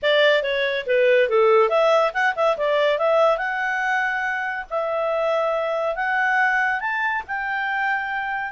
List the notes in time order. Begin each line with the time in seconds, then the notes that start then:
0.02 D5
0.43 C#5
0.86 B4
1.29 A4
1.69 E5
2.13 F#5
2.35 E5
2.57 D5
2.98 E5
3.37 F#5
4.70 E5
5.95 F#5
6.80 A5
7.27 G5